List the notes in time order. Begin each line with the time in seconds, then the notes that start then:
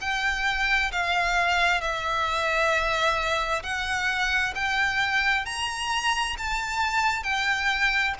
0.00 G5
0.91 F5
1.81 E5
3.62 F#5
4.55 G5
5.45 A#5
6.38 A5
7.23 G5